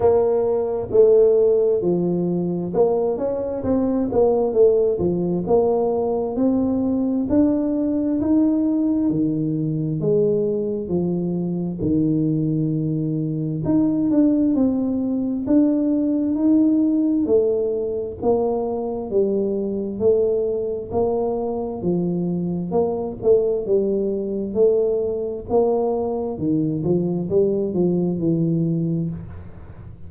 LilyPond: \new Staff \with { instrumentName = "tuba" } { \time 4/4 \tempo 4 = 66 ais4 a4 f4 ais8 cis'8 | c'8 ais8 a8 f8 ais4 c'4 | d'4 dis'4 dis4 gis4 | f4 dis2 dis'8 d'8 |
c'4 d'4 dis'4 a4 | ais4 g4 a4 ais4 | f4 ais8 a8 g4 a4 | ais4 dis8 f8 g8 f8 e4 | }